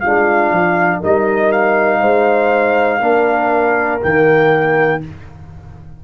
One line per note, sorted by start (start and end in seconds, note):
0.00 0.51 G#3
0.00 1.02 D4
0.00 1.00 F4
0.00 1.00 F5
0.51 1.01 F3
1.00 2.02 G3
1.00 3.01 D#4
1.00 2.00 A#4
1.00 1.52 D#5
1.52 4.02 F5
2.00 3.00 G#3
2.00 2.99 C5
2.99 4.00 A#3
2.99 4.01 D4
2.99 4.99 A#4
4.01 5.04 D#3
4.01 5.01 A#3
4.01 5.03 G5